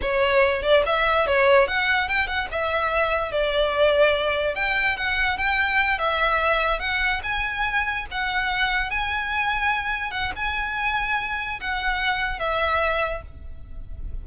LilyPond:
\new Staff \with { instrumentName = "violin" } { \time 4/4 \tempo 4 = 145 cis''4. d''8 e''4 cis''4 | fis''4 g''8 fis''8 e''2 | d''2. g''4 | fis''4 g''4. e''4.~ |
e''8 fis''4 gis''2 fis''8~ | fis''4. gis''2~ gis''8~ | gis''8 fis''8 gis''2. | fis''2 e''2 | }